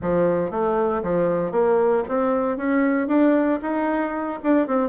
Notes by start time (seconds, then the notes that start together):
0.01 F3
0.50 A3
1.02 F3
1.51 A#3
2.08 C4
2.57 C#4
3.07 D4
3.61 D#4
4.43 D4
4.67 C4